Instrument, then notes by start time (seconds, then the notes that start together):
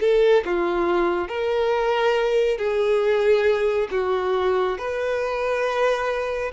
violin
0.00 A4
0.45 F4
1.28 A#4
2.57 G#4
3.91 F#4
4.77 B4